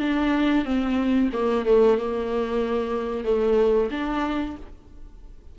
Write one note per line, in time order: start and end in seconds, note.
0.00 0.65 D4
0.65 1.30 C4
1.33 1.66 A#3
1.66 1.98 A3
1.98 3.25 A#3
3.25 3.90 A3
3.91 4.56 D4